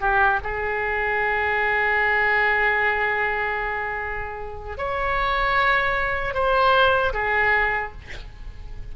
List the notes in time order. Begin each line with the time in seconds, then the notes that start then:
0.00 G4
0.43 G#4
4.77 C#5
6.34 C5
7.13 G#4